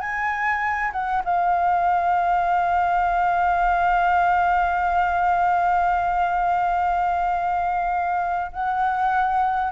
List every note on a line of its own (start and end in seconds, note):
0.00 0.91 G#5
0.92 1.22 F#5
1.24 8.52 F5
8.52 9.72 F#5